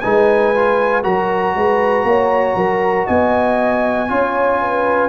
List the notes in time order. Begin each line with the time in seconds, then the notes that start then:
0.00 G#3 D#4 B4 G#5
0.55 F4
1.03 F#3 F#4 A#4 A#5
1.56 G#3 B4
2.04 A#3 C#5
2.56 F#3 A#4
3.07 B3 D#5 G#5
4.08 C#4 F4 C#5
4.61 B4